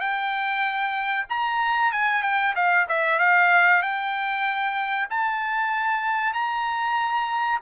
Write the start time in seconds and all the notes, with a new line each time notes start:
0.00 G5
1.29 A#5
1.92 G#5
2.22 G5
2.55 F5
2.89 E5
3.19 F5
3.82 G5
5.10 A5
6.33 A#5